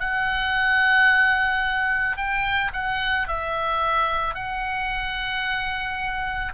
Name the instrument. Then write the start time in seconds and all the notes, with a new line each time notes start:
oboe
0.00 F#5
2.17 G5
2.73 F#5
3.28 E5
4.34 F#5